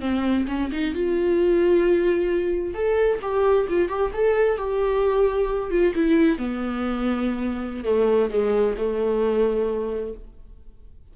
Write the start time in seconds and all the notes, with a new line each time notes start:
0.00 C4
0.48 C#4
0.71 D#4
0.94 F4
2.74 A4
3.21 G4
3.69 F4
3.88 G4
4.13 A4
4.57 G4
5.70 F4
5.95 E4
6.38 B3
7.84 A3
8.30 G#3
8.77 A3